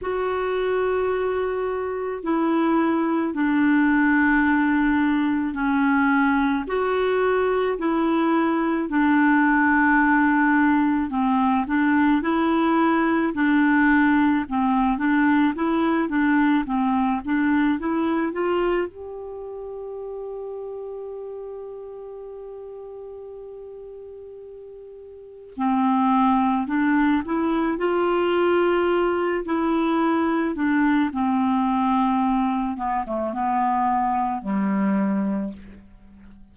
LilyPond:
\new Staff \with { instrumentName = "clarinet" } { \time 4/4 \tempo 4 = 54 fis'2 e'4 d'4~ | d'4 cis'4 fis'4 e'4 | d'2 c'8 d'8 e'4 | d'4 c'8 d'8 e'8 d'8 c'8 d'8 |
e'8 f'8 g'2.~ | g'2. c'4 | d'8 e'8 f'4. e'4 d'8 | c'4. b16 a16 b4 g4 | }